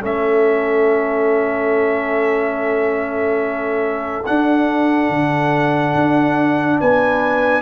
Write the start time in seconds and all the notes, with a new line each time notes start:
0.00 A3 C#4 A4 E5
4.26 D4 F#5
5.10 D3
5.94 D4
6.80 B3 B4 G#5